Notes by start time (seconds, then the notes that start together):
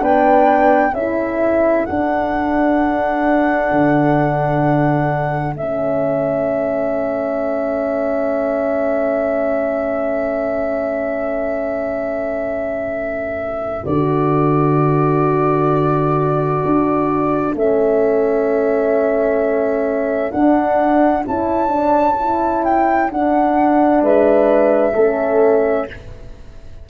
0.00 B3 D4 B4 G5
0.93 C#4 E4 A4 E5
1.86 D4 F#5
3.72 D3
5.55 A3 E5
5.61 C#4
13.86 D3 F#4 D5
16.65 D4
17.55 A3 C#4 E5
20.31 D4 F#5
21.27 C#4 E4 A5
21.68 D4
22.20 E4
22.65 G5
23.11 D4 F#5
24.02 G#3 B4 E5
24.95 A3 C#4 A4